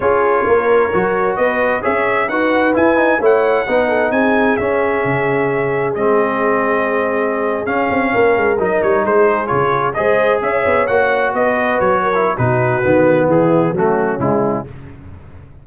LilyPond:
<<
  \new Staff \with { instrumentName = "trumpet" } { \time 4/4 \tempo 4 = 131 cis''2. dis''4 | e''4 fis''4 gis''4 fis''4~ | fis''4 gis''4 e''2~ | e''4 dis''2.~ |
dis''8. f''2 dis''8 cis''8 c''16~ | c''8. cis''4 dis''4 e''4 fis''16~ | fis''8. dis''4 cis''4~ cis''16 b'4~ | b'4 gis'4 fis'4 e'4 | }
  \new Staff \with { instrumentName = "horn" } { \time 4/4 gis'4 ais'2 b'4 | cis''4 b'2 cis''4 | b'8 a'8 gis'2.~ | gis'1~ |
gis'4.~ gis'16 ais'2 gis'16~ | gis'4.~ gis'16 c''4 cis''4~ cis''16~ | cis''8. b'4. ais'8. fis'4~ | fis'4 e'4 cis'2 | }
  \new Staff \with { instrumentName = "trombone" } { \time 4/4 f'2 fis'2 | gis'4 fis'4 e'8 dis'8 e'4 | dis'2 cis'2~ | cis'4 c'2.~ |
c'8. cis'2 dis'4~ dis'16~ | dis'8. f'4 gis'2 fis'16~ | fis'2~ fis'8 e'8 dis'4 | b2 a4 gis4 | }
  \new Staff \with { instrumentName = "tuba" } { \time 4/4 cis'4 ais4 fis4 b4 | cis'4 dis'4 e'4 a4 | b4 c'4 cis'4 cis4~ | cis4 gis2.~ |
gis8. cis'8 c'8 ais8 gis8 fis8 g8 gis16~ | gis8. cis4 gis4 cis'8 b8 ais16~ | ais8. b4 fis4~ fis16 b,4 | dis4 e4 fis4 cis4 | }
>>